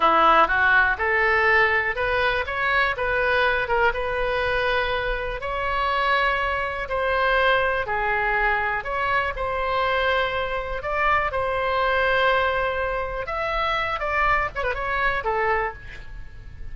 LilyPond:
\new Staff \with { instrumentName = "oboe" } { \time 4/4 \tempo 4 = 122 e'4 fis'4 a'2 | b'4 cis''4 b'4. ais'8 | b'2. cis''4~ | cis''2 c''2 |
gis'2 cis''4 c''4~ | c''2 d''4 c''4~ | c''2. e''4~ | e''8 d''4 cis''16 b'16 cis''4 a'4 | }